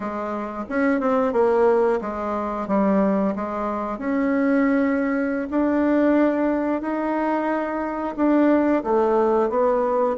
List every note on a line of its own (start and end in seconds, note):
0.00 0.64 G#3
0.68 1.00 C#4
1.00 1.32 C4
1.32 1.99 A#3
2.01 2.67 G#3
2.67 3.34 G3
3.35 3.98 G#3
3.98 5.48 C#4
5.50 6.81 D4
6.81 8.15 D#4
8.16 8.83 D4
8.83 9.49 A3
9.49 10.16 B3